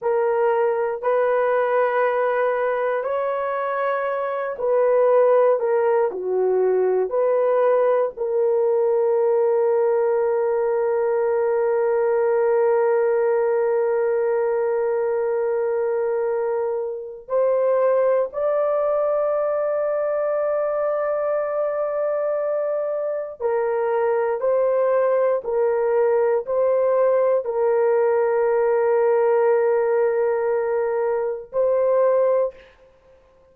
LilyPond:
\new Staff \with { instrumentName = "horn" } { \time 4/4 \tempo 4 = 59 ais'4 b'2 cis''4~ | cis''8 b'4 ais'8 fis'4 b'4 | ais'1~ | ais'1~ |
ais'4 c''4 d''2~ | d''2. ais'4 | c''4 ais'4 c''4 ais'4~ | ais'2. c''4 | }